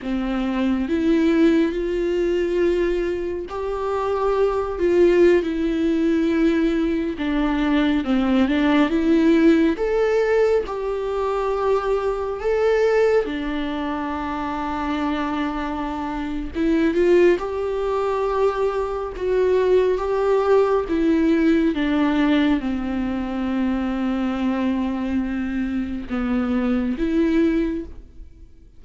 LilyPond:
\new Staff \with { instrumentName = "viola" } { \time 4/4 \tempo 4 = 69 c'4 e'4 f'2 | g'4. f'8. e'4.~ e'16~ | e'16 d'4 c'8 d'8 e'4 a'8.~ | a'16 g'2 a'4 d'8.~ |
d'2. e'8 f'8 | g'2 fis'4 g'4 | e'4 d'4 c'2~ | c'2 b4 e'4 | }